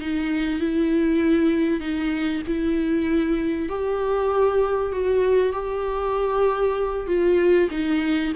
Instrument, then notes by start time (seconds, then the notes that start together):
viola
0.00 D#4
0.60 E4
1.80 D#4
2.47 E4
3.69 G4
4.92 F#4
5.53 G4
7.07 F4
7.71 D#4